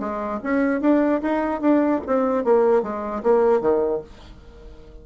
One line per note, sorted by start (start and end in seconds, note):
0.00 0.40 G#3
0.44 0.81 C#4
0.81 1.22 D4
1.22 1.61 D#4
1.61 2.01 D4
2.07 2.44 C4
2.44 2.83 A#3
2.83 3.23 G#3
3.23 3.61 A#3
3.61 4.01 D#3